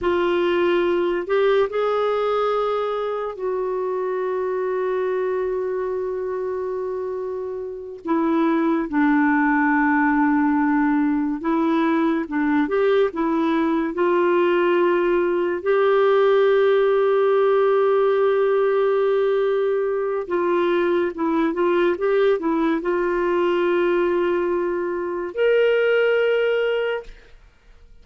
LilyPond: \new Staff \with { instrumentName = "clarinet" } { \time 4/4 \tempo 4 = 71 f'4. g'8 gis'2 | fis'1~ | fis'4. e'4 d'4.~ | d'4. e'4 d'8 g'8 e'8~ |
e'8 f'2 g'4.~ | g'1 | f'4 e'8 f'8 g'8 e'8 f'4~ | f'2 ais'2 | }